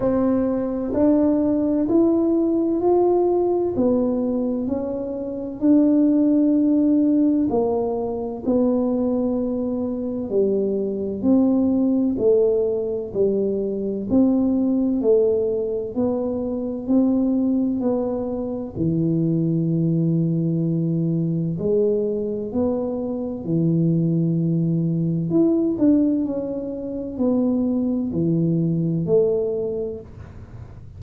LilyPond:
\new Staff \with { instrumentName = "tuba" } { \time 4/4 \tempo 4 = 64 c'4 d'4 e'4 f'4 | b4 cis'4 d'2 | ais4 b2 g4 | c'4 a4 g4 c'4 |
a4 b4 c'4 b4 | e2. gis4 | b4 e2 e'8 d'8 | cis'4 b4 e4 a4 | }